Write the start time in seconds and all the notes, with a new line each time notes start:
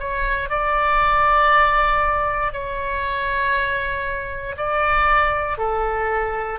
0.00 C#5
0.50 D5
2.53 C#5
4.58 D5
5.58 A4